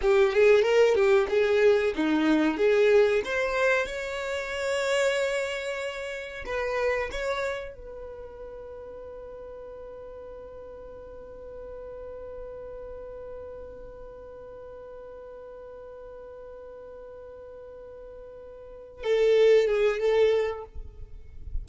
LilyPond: \new Staff \with { instrumentName = "violin" } { \time 4/4 \tempo 4 = 93 g'8 gis'8 ais'8 g'8 gis'4 dis'4 | gis'4 c''4 cis''2~ | cis''2 b'4 cis''4 | b'1~ |
b'1~ | b'1~ | b'1~ | b'4. a'4 gis'8 a'4 | }